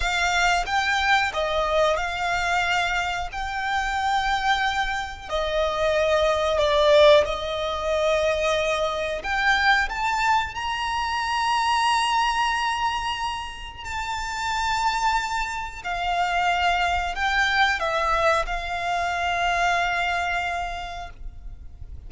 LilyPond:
\new Staff \with { instrumentName = "violin" } { \time 4/4 \tempo 4 = 91 f''4 g''4 dis''4 f''4~ | f''4 g''2. | dis''2 d''4 dis''4~ | dis''2 g''4 a''4 |
ais''1~ | ais''4 a''2. | f''2 g''4 e''4 | f''1 | }